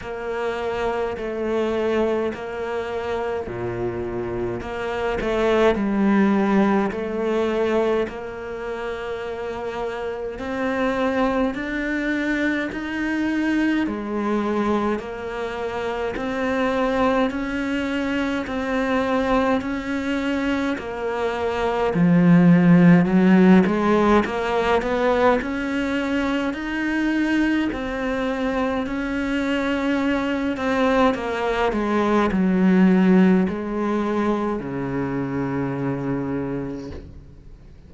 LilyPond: \new Staff \with { instrumentName = "cello" } { \time 4/4 \tempo 4 = 52 ais4 a4 ais4 ais,4 | ais8 a8 g4 a4 ais4~ | ais4 c'4 d'4 dis'4 | gis4 ais4 c'4 cis'4 |
c'4 cis'4 ais4 f4 | fis8 gis8 ais8 b8 cis'4 dis'4 | c'4 cis'4. c'8 ais8 gis8 | fis4 gis4 cis2 | }